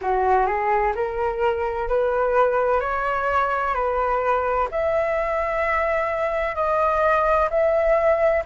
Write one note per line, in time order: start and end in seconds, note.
0.01 0.46 F#4
0.46 0.93 G#4
0.95 1.88 A#4
1.88 2.80 B4
2.80 3.74 C#5
3.74 4.67 B4
4.71 6.55 E5
6.55 7.48 D#5
7.50 8.43 E5